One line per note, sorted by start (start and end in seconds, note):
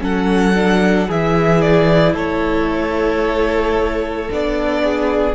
0.00 1.08 F#3
0.00 0.54 C#4
0.00 1.07 A4
0.00 1.10 F#5
0.54 1.08 D4
1.07 2.14 E3
1.07 4.29 E4
1.07 2.14 G#4
1.07 1.61 E5
1.61 2.15 D5
2.14 4.29 A3
2.14 4.82 A4
2.14 4.31 C#5
4.29 5.35 B3
4.29 5.35 D4
4.29 5.35 D5
4.83 5.35 G#4